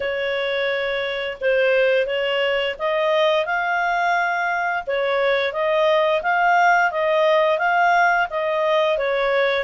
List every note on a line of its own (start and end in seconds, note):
0.00 1.37 C#5
1.40 2.06 C5
2.06 2.75 C#5
2.78 3.45 D#5
3.45 4.83 F5
4.86 5.53 C#5
5.53 6.22 D#5
6.22 6.91 F5
6.91 7.58 D#5
7.58 8.27 F5
8.29 8.97 D#5
8.97 9.64 C#5